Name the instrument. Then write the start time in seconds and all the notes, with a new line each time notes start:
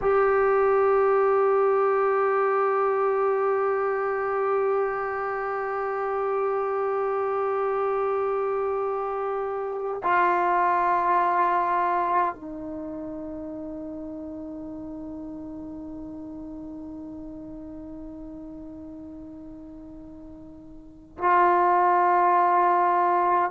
trombone
0.01 G4
10.03 F4
12.35 D#4
21.18 F4